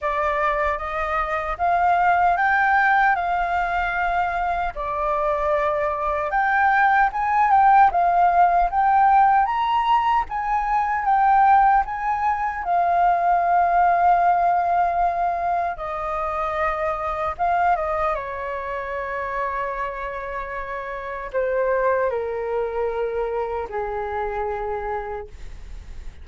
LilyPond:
\new Staff \with { instrumentName = "flute" } { \time 4/4 \tempo 4 = 76 d''4 dis''4 f''4 g''4 | f''2 d''2 | g''4 gis''8 g''8 f''4 g''4 | ais''4 gis''4 g''4 gis''4 |
f''1 | dis''2 f''8 dis''8 cis''4~ | cis''2. c''4 | ais'2 gis'2 | }